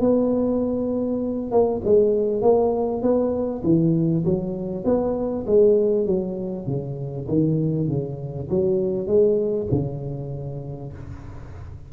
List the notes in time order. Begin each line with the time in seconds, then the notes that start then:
0.00 B3
1.51 A#3
1.85 G#3
2.42 A#3
3.02 B3
3.63 E3
4.25 F#3
4.85 B3
5.47 G#3
6.06 F#3
6.66 C#3
7.28 D#3
7.88 C#3
8.50 F#3
9.07 G#3
9.71 C#3